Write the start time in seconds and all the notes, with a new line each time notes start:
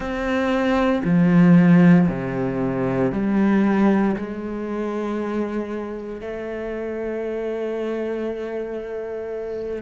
0.00 C4
1.04 F3
2.08 C3
3.12 G3
4.16 G#3
6.21 A3